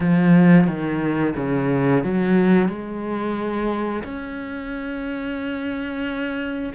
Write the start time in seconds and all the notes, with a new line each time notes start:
0.00 F3
0.67 D#3
1.36 C#3
2.03 F#3
2.68 G#3
4.03 C#4